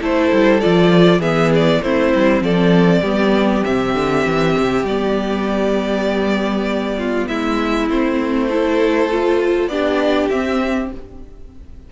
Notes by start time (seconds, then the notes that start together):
0.00 A3 E4 A4 C5
0.32 G3
0.60 F3 F4 D5
1.18 E3 B3 G#4 E5
1.54 D5
1.82 A3 C4 E4 C5
2.14 G3
2.40 F3 A4 D5
3.01 G3 B3 G4
3.64 C3 C4 E5
3.95 D3
4.25 E3
4.58 C3
4.83 G3 B3 D5
6.98 F4
7.27 G#3 E4 E5
7.89 A3 C4 C5
8.48 E4 A4
9.10 F4
9.67 B3 D4 G4 D5
10.29 C4 E5